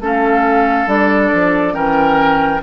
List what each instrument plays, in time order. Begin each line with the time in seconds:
0.00 bassoon A3, clarinet C#4, oboe A4, flute F5
0.86 bassoon G3, clarinet D4, flute D5
1.33 bassoon F3
1.72 bassoon E3, clarinet C#4, oboe A#4, flute G5